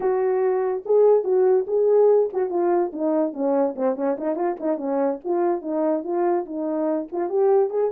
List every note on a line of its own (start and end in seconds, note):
0.00 0.83 F#4
0.85 1.23 G#4
1.23 1.65 F#4
1.67 2.29 G#4
2.33 2.50 F#4
2.50 2.91 F4
2.92 3.33 D#4
3.33 3.74 C#4
3.75 3.96 C4
3.96 4.16 C#4
4.17 4.35 D#4
4.35 4.56 F4
4.59 4.77 D#4
4.77 5.19 C#4
5.24 5.61 F4
5.61 6.03 D#4
6.03 6.45 F4
6.45 7.08 D#4
7.11 7.29 F4
7.29 7.70 G4
7.70 7.90 G#4